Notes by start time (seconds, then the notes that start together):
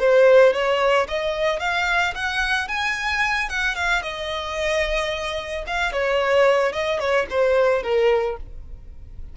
0.00 C5
0.54 C#5
1.08 D#5
1.60 F5
2.15 F#5
2.68 G#5
3.49 F#5
3.75 F5
4.03 D#5
5.67 F5
5.92 C#5
6.73 D#5
7.00 C#5
7.30 C5
7.83 A#4